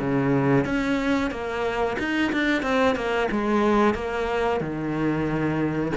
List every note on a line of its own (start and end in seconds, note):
0.00 0.65 C#3
0.65 1.31 C#4
1.31 1.97 A#3
1.99 2.32 D#4
2.33 2.63 D4
2.63 2.96 C4
2.96 3.29 A#3
3.32 3.95 G#3
3.95 4.61 A#3
4.61 5.93 D#3